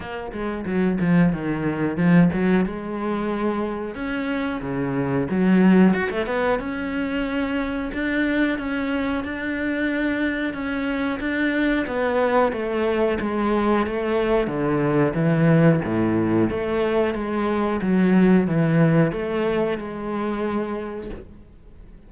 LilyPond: \new Staff \with { instrumentName = "cello" } { \time 4/4 \tempo 4 = 91 ais8 gis8 fis8 f8 dis4 f8 fis8 | gis2 cis'4 cis4 | fis4 fis'16 a16 b8 cis'2 | d'4 cis'4 d'2 |
cis'4 d'4 b4 a4 | gis4 a4 d4 e4 | a,4 a4 gis4 fis4 | e4 a4 gis2 | }